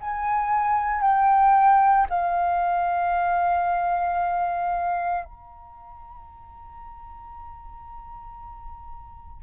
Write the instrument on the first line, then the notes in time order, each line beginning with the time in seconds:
flute
0.00 G#5
1.01 G5
2.09 F5
5.24 A#5